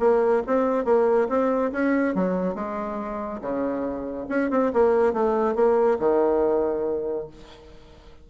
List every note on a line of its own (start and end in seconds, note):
0.00 0.43 A#3
0.47 0.85 C4
0.85 1.28 A#3
1.29 1.72 C4
1.72 2.15 C#4
2.15 2.55 F#3
2.55 3.41 G#3
3.41 4.27 C#3
4.29 4.51 C#4
4.51 4.72 C4
4.73 5.13 A#3
5.13 5.55 A3
5.55 5.98 A#3
5.99 7.28 D#3